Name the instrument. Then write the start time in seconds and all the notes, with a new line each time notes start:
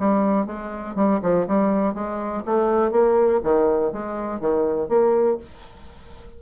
bassoon
0.00 G3
0.46 G#3
0.96 G3
1.23 F3
1.48 G3
1.94 G#3
2.46 A3
2.92 A#3
3.44 D#3
3.93 G#3
4.41 D#3
4.89 A#3